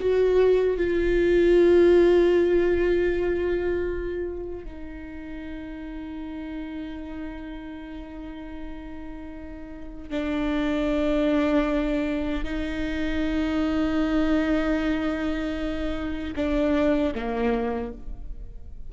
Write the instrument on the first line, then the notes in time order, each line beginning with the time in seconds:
viola
0.00 F#4
0.78 F4
4.65 D#4
10.11 D4
12.45 D#4
16.36 D4
17.15 A#3